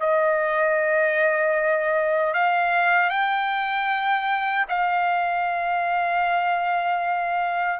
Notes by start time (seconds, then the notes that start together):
0.00 D#5
2.34 F5
3.10 G5
4.68 F5